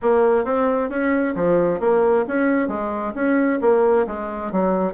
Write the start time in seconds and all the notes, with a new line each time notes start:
0.01 A#3
0.44 C4
0.89 C#4
1.35 F3
1.80 A#3
2.27 C#4
2.68 G#3
3.14 C#4
3.61 A#3
4.06 G#3
4.51 F#3